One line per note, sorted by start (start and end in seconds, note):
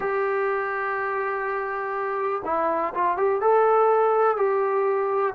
0.00 2.42 G4
2.44 2.93 E4
2.94 3.17 F4
3.17 3.41 G4
3.41 4.36 A4
4.36 5.34 G4